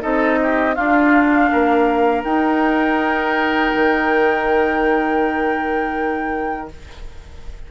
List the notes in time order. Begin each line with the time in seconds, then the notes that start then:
0.00 C4 D#4 A4 D#5
0.43 G4
0.75 D4 F4 F5
1.52 A#3 A#4
2.24 D#4 G5
3.75 D#3